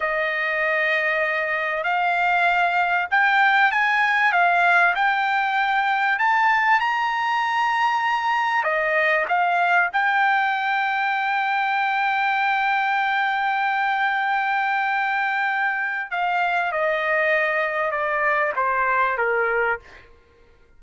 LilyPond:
\new Staff \with { instrumentName = "trumpet" } { \time 4/4 \tempo 4 = 97 dis''2. f''4~ | f''4 g''4 gis''4 f''4 | g''2 a''4 ais''4~ | ais''2 dis''4 f''4 |
g''1~ | g''1~ | g''2 f''4 dis''4~ | dis''4 d''4 c''4 ais'4 | }